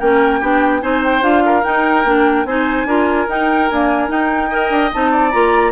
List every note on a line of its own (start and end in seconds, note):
0.00 0.42 A#3
0.00 0.42 C#4
0.00 0.40 A#4
0.00 0.82 G5
0.40 0.83 B3
0.40 0.82 D4
0.40 0.81 G4
0.82 1.22 C4
0.82 1.22 D#4
0.82 1.44 C5
0.82 1.03 G#5
1.04 1.24 G5
1.22 1.64 D4
1.22 1.63 F4
1.22 1.64 F5
1.46 2.48 A#4
1.64 2.05 D#4
1.64 2.47 G5
2.05 2.45 A#3
2.05 2.48 D4
2.45 2.86 C4
2.45 2.88 D#4
2.45 2.88 C5
2.45 3.29 G#5
2.86 3.27 D4
2.86 3.29 F4
2.86 4.50 A#4
3.29 3.70 D#4
3.29 3.71 D#4
3.29 3.69 G5
3.69 4.08 A#3
3.69 4.10 D4
3.69 4.10 G#5
4.08 4.49 D#4
4.08 4.70 D#4
4.08 4.93 G5
4.50 4.93 A#4
4.50 5.12 D#5
4.70 4.91 D4
4.94 5.34 C4
4.94 5.32 D#4
4.94 5.32 A5
5.12 5.73 D5
5.32 5.73 A#3
5.32 5.73 F4
5.32 5.73 A#5